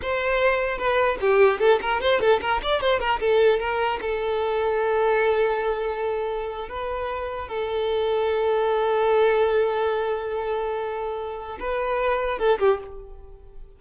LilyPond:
\new Staff \with { instrumentName = "violin" } { \time 4/4 \tempo 4 = 150 c''2 b'4 g'4 | a'8 ais'8 c''8 a'8 ais'8 d''8 c''8 ais'8 | a'4 ais'4 a'2~ | a'1~ |
a'8. b'2 a'4~ a'16~ | a'1~ | a'1~ | a'4 b'2 a'8 g'8 | }